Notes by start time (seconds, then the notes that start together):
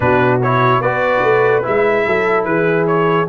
0.00 B2 D4 F#4 B4
0.42 E4 C#5
0.80 B3 F#4 B4 D5
1.22 A3
1.62 G#3 E4 E5
2.05 F#3 A4
2.44 E3 G#4 B4
2.87 C#5